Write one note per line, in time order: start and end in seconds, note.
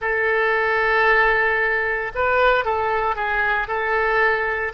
0.01 2.11 A4
2.14 2.65 B4
2.65 3.15 A4
3.15 3.67 G#4
3.67 4.72 A4